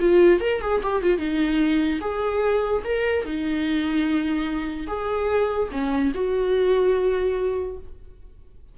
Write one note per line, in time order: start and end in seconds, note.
0.00 0.40 F4
0.40 0.61 A#4
0.61 0.82 G#4
0.83 1.02 G4
1.02 1.18 F4
1.18 1.99 D#4
2.01 2.82 G#4
2.84 3.25 A#4
3.25 4.87 D#4
4.87 5.69 G#4
5.71 6.12 C#4
6.14 7.77 F#4